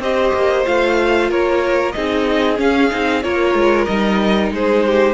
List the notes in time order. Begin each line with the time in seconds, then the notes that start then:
0.00 C4 G4 C5 D#5
0.34 A#3
0.65 A3 F4 F5
1.30 A#3 A#4 C#5
1.92 C4 D#4 G#4 D#5
2.57 C#4 F5
2.91 C4 D#4
3.23 A#3 F4 A#4 C#5
3.55 G#3
3.85 G3 D#4 D#5
4.51 G#3 G#4 C5
4.86 G4